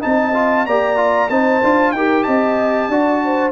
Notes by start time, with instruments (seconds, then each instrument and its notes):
0.00 tuba C4, trombone D#4, horn D#5, trumpet A5
0.34 trombone F4
0.66 tuba A#3, trombone G4, horn D5, trumpet A#5
0.96 trombone F4
1.29 tuba C4, trombone D#4, horn C5, trumpet A5
1.63 tuba D4, trombone F4
1.91 tuba D#4, trombone G4, horn A#4, trumpet G5
2.23 tuba C4, horn D#5, trumpet A5
2.88 tuba D4, trombone F#4, horn D5
3.24 horn C5